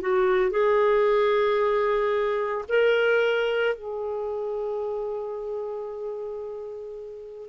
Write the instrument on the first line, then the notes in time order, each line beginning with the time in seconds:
clarinet
0.00 F#4
0.51 G#4
2.68 A#4
3.75 G#4